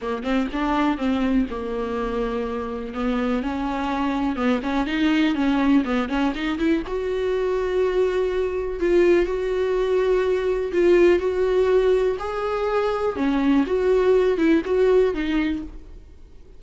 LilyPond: \new Staff \with { instrumentName = "viola" } { \time 4/4 \tempo 4 = 123 ais8 c'8 d'4 c'4 ais4~ | ais2 b4 cis'4~ | cis'4 b8 cis'8 dis'4 cis'4 | b8 cis'8 dis'8 e'8 fis'2~ |
fis'2 f'4 fis'4~ | fis'2 f'4 fis'4~ | fis'4 gis'2 cis'4 | fis'4. e'8 fis'4 dis'4 | }